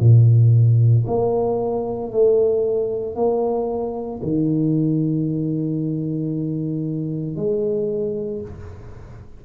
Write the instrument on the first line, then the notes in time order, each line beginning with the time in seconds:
tuba
0.00 A#2
1.07 A#3
2.12 A3
3.16 A#3
4.23 D#3
7.36 G#3